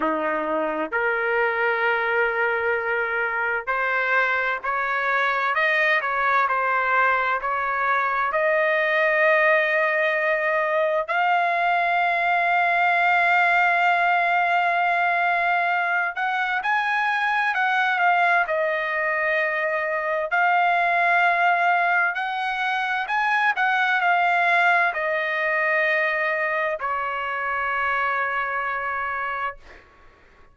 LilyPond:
\new Staff \with { instrumentName = "trumpet" } { \time 4/4 \tempo 4 = 65 dis'4 ais'2. | c''4 cis''4 dis''8 cis''8 c''4 | cis''4 dis''2. | f''1~ |
f''4. fis''8 gis''4 fis''8 f''8 | dis''2 f''2 | fis''4 gis''8 fis''8 f''4 dis''4~ | dis''4 cis''2. | }